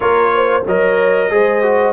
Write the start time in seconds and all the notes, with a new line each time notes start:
0.00 A#3 F4 A#4 C#5
0.35 C5
0.65 F#3 A#4 C#5 D#5
1.30 G#3 G#4 C5
1.62 F#4